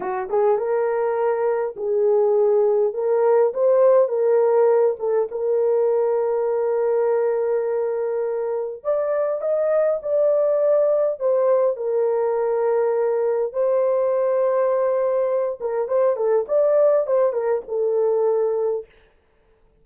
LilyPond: \new Staff \with { instrumentName = "horn" } { \time 4/4 \tempo 4 = 102 fis'8 gis'8 ais'2 gis'4~ | gis'4 ais'4 c''4 ais'4~ | ais'8 a'8 ais'2.~ | ais'2. d''4 |
dis''4 d''2 c''4 | ais'2. c''4~ | c''2~ c''8 ais'8 c''8 a'8 | d''4 c''8 ais'8 a'2 | }